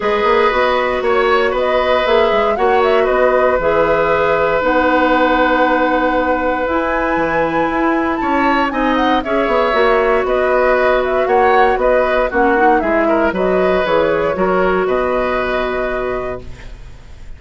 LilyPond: <<
  \new Staff \with { instrumentName = "flute" } { \time 4/4 \tempo 4 = 117 dis''2 cis''4 dis''4 | e''4 fis''8 e''8 dis''4 e''4~ | e''4 fis''2.~ | fis''4 gis''2. |
a''4 gis''8 fis''8 e''2 | dis''4. e''8 fis''4 dis''4 | fis''4 e''4 dis''4 cis''4~ | cis''4 dis''2. | }
  \new Staff \with { instrumentName = "oboe" } { \time 4/4 b'2 cis''4 b'4~ | b'4 cis''4 b'2~ | b'1~ | b'1 |
cis''4 dis''4 cis''2 | b'2 cis''4 b'4 | fis'4 gis'8 ais'8 b'2 | ais'4 b'2. | }
  \new Staff \with { instrumentName = "clarinet" } { \time 4/4 gis'4 fis'2. | gis'4 fis'2 gis'4~ | gis'4 dis'2.~ | dis'4 e'2.~ |
e'4 dis'4 gis'4 fis'4~ | fis'1 | cis'8 dis'8 e'4 fis'4 gis'4 | fis'1 | }
  \new Staff \with { instrumentName = "bassoon" } { \time 4/4 gis8 ais8 b4 ais4 b4 | ais8 gis8 ais4 b4 e4~ | e4 b2.~ | b4 e'4 e4 e'4 |
cis'4 c'4 cis'8 b8 ais4 | b2 ais4 b4 | ais4 gis4 fis4 e4 | fis4 b,2. | }
>>